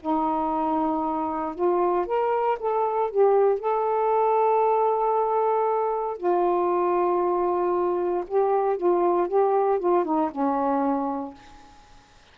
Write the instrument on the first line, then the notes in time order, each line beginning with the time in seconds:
saxophone
0.00 D#4
1.55 F4
2.06 A#4
2.59 A4
3.10 G4
3.59 A4
6.17 F4
8.27 G4
8.77 F4
9.28 G4
9.79 F4
10.04 D#4
10.30 C#4